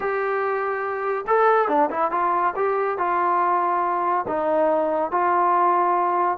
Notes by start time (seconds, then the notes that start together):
0.00 G4
1.27 A4
1.68 D4
1.90 E4
2.11 F4
2.56 G4
2.98 F4
4.27 D#4
5.11 F4